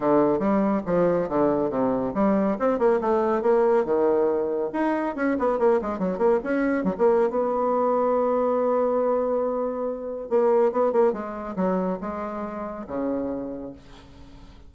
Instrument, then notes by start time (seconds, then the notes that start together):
bassoon
0.00 D3
0.39 G3
0.86 F3
1.28 D3
1.69 C3
2.14 G3
2.59 C4
2.78 A#3
3.00 A3
3.41 A#3
3.84 D#3
4.72 D#4
5.15 C#4
5.38 B3
5.58 A#3
5.81 G#3
5.98 F#3
6.18 A#3
6.43 C#4
6.84 F#3
6.97 A#3
7.30 B3
10.29 A#3
10.72 B3
10.92 A#3
11.12 G#3
11.56 F#3
12.00 G#3
12.87 C#3